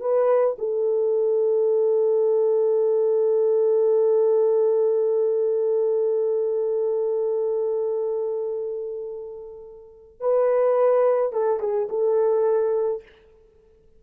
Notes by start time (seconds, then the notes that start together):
0.00 B4
0.58 A4
10.20 B4
11.32 A4
11.60 G#4
11.89 A4